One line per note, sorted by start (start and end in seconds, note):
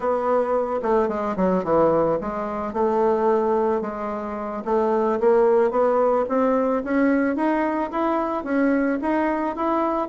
0.00 0.80 B3
0.82 1.08 A3
1.08 1.35 G#3
1.36 1.63 F#3
1.64 2.18 E3
2.21 2.73 G#3
2.73 3.81 A3
3.81 4.63 G#3
4.65 5.19 A3
5.20 5.70 A#3
5.70 6.25 B3
6.29 6.83 C4
6.84 7.36 C#4
7.36 7.90 D#4
7.91 8.44 E4
8.44 8.98 C#4
9.01 9.56 D#4
9.56 10.08 E4